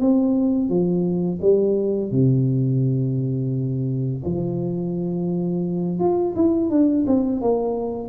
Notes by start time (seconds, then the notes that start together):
0.00 C4
0.69 F3
1.41 G3
2.11 C3
4.25 F3
5.99 F4
6.36 E4
6.70 D4
7.07 C4
7.41 A#3